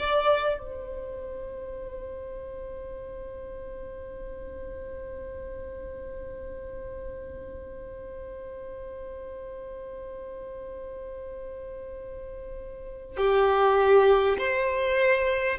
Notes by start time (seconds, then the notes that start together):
0.00 D5
0.59 C5
13.18 G4
14.39 C5